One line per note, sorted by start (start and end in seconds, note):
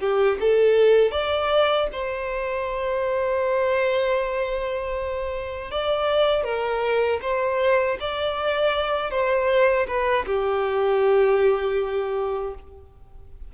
0.00 0.38 G4
0.40 1.12 A4
1.12 1.87 D5
1.93 5.71 C5
5.71 6.44 D5
6.44 7.20 A#4
7.22 7.98 C5
8.00 9.11 D5
9.11 9.87 C5
9.87 10.25 B4
10.26 12.54 G4